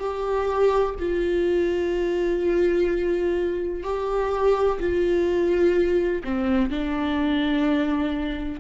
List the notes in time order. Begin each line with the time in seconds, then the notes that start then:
0.00 G4
0.99 F4
3.84 G4
4.80 F4
6.24 C4
6.70 D4